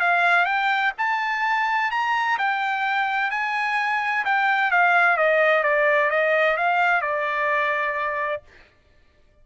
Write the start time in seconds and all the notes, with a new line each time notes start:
0.00 F5
0.46 G5
0.98 A5
1.91 A#5
2.38 G5
3.31 G#5
4.25 G5
4.71 F5
5.17 D#5
5.64 D5
6.10 D#5
6.57 F5
7.01 D5